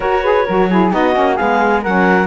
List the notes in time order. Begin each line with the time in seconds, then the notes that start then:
0.00 F#4 A#4 C#5
0.22 G#4 B4
0.45 F#3 F#4 A#4
0.69 E4 G#4
0.91 B3 D#4 F#4 D#5
1.13 A#3 C#4
1.35 G#3 B3 G#4 F5
1.82 F#3 C#4 A#4 F#5